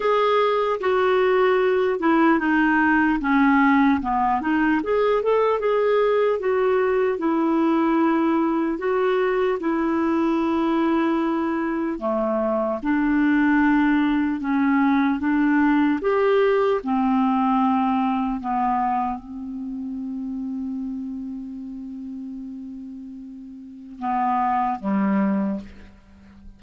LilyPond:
\new Staff \with { instrumentName = "clarinet" } { \time 4/4 \tempo 4 = 75 gis'4 fis'4. e'8 dis'4 | cis'4 b8 dis'8 gis'8 a'8 gis'4 | fis'4 e'2 fis'4 | e'2. a4 |
d'2 cis'4 d'4 | g'4 c'2 b4 | c'1~ | c'2 b4 g4 | }